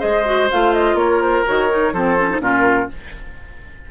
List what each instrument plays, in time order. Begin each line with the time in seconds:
0.00 bassoon G#3, clarinet G#4, oboe C5, flute D#5
0.26 clarinet F#4
0.52 bassoon A3, clarinet F4, flute F5
0.74 flute D#5
0.95 bassoon A#3, oboe A#4, flute C#5
1.22 flute C5
1.46 bassoon D#3, clarinet F#4, flute C#5
1.70 clarinet D#4
1.93 bassoon F3, clarinet C4, oboe A4, flute C5
2.19 clarinet C#4
2.31 clarinet D#4
2.40 bassoon A#2, clarinet C#4, oboe F4, flute A#4